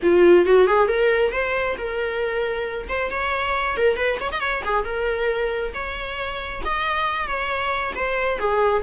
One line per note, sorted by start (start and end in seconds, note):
0.02 0.45 F4
0.45 0.67 F#4
0.67 0.88 G#4
0.88 1.32 A#4
1.32 1.76 C5
1.77 2.88 A#4
2.88 3.10 C5
3.11 3.77 C#5
3.77 3.96 A#4
3.96 4.18 B4
4.20 4.31 C#5
4.31 4.40 D#5
4.40 4.62 C#5
4.64 4.84 G#4
4.84 5.72 A#4
5.74 6.62 C#5
6.65 7.27 D#5
7.27 7.93 C#5
7.95 8.38 C5
8.38 8.82 G#4